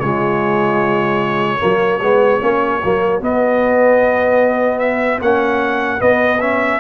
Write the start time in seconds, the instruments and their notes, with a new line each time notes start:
0.00 tuba C#3, trombone G#3, horn F4, trumpet C#5
1.59 tuba F#3, trombone A#3, horn F#4
2.01 tuba G#3, trombone B3
2.41 tuba A#3, trombone C#4
2.83 tuba F#3, trombone A#3
3.21 trombone B3, tuba B3, trumpet D#5
4.79 trumpet E5
5.21 tuba A#3, trombone C#4, trumpet F#5
5.99 trombone B3, tuba B3, trumpet D#5
6.41 trombone C#4, trumpet E5